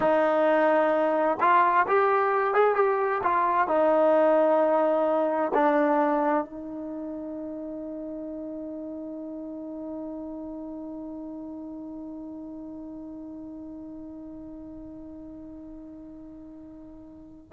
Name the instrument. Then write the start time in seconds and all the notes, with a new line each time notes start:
trombone
0.00 D#4
1.40 F4
1.87 G4
2.53 G#4
2.75 G4
3.23 F4
3.67 D#4
5.53 D4
6.44 D#4